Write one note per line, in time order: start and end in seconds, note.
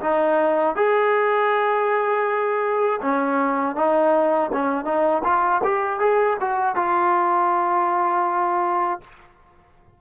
0.00 0.75 D#4
0.75 3.00 G#4
3.01 3.75 C#4
3.75 4.50 D#4
4.52 4.84 C#4
4.84 5.22 D#4
5.24 5.61 F4
5.63 5.99 G4
5.99 6.37 G#4
6.40 6.75 F#4
6.75 9.00 F4